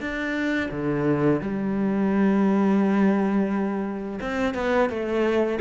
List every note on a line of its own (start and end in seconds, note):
0.00 0.70 D4
0.71 1.40 D3
1.40 4.20 G3
4.21 4.54 C4
4.54 4.89 B3
4.89 5.59 A3